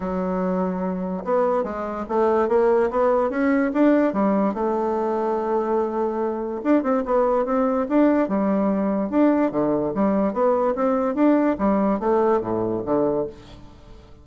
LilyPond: \new Staff \with { instrumentName = "bassoon" } { \time 4/4 \tempo 4 = 145 fis2. b4 | gis4 a4 ais4 b4 | cis'4 d'4 g4 a4~ | a1 |
d'8 c'8 b4 c'4 d'4 | g2 d'4 d4 | g4 b4 c'4 d'4 | g4 a4 a,4 d4 | }